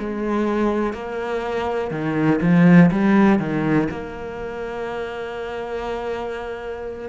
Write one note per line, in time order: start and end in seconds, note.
0.00 0.93 G#3
0.93 1.91 A#3
1.91 2.41 D#3
2.41 2.91 F3
2.92 3.40 G3
3.40 3.89 D#3
3.91 7.10 A#3